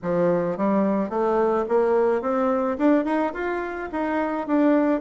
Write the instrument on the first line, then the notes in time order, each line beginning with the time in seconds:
bassoon
0.02 F3
0.57 G3
1.09 A3
1.68 A#3
2.21 C4
2.78 D4
3.04 D#4
3.33 F4
3.92 D#4
4.47 D4